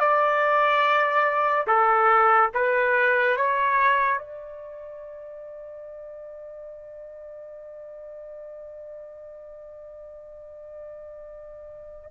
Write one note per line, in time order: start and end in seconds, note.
0.00 1.67 D5
1.67 2.51 A4
2.55 3.37 B4
3.37 4.19 C#5
4.19 12.11 D5